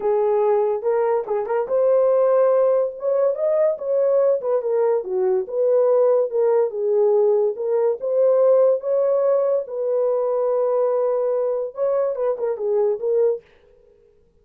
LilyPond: \new Staff \with { instrumentName = "horn" } { \time 4/4 \tempo 4 = 143 gis'2 ais'4 gis'8 ais'8 | c''2. cis''4 | dis''4 cis''4. b'8 ais'4 | fis'4 b'2 ais'4 |
gis'2 ais'4 c''4~ | c''4 cis''2 b'4~ | b'1 | cis''4 b'8 ais'8 gis'4 ais'4 | }